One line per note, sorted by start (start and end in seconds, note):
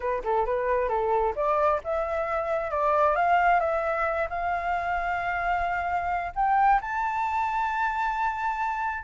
0.00 0.22 B4
0.24 0.45 A4
0.45 0.88 B4
0.88 1.33 A4
1.35 1.80 D5
1.84 2.70 E5
2.70 3.15 D5
3.15 3.60 F5
3.60 4.28 E5
4.29 6.32 F5
6.35 6.80 G5
6.81 9.03 A5